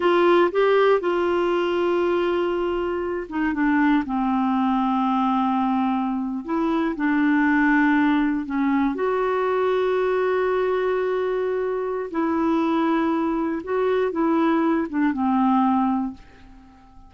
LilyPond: \new Staff \with { instrumentName = "clarinet" } { \time 4/4 \tempo 4 = 119 f'4 g'4 f'2~ | f'2~ f'8 dis'8 d'4 | c'1~ | c'8. e'4 d'2~ d'16~ |
d'8. cis'4 fis'2~ fis'16~ | fis'1 | e'2. fis'4 | e'4. d'8 c'2 | }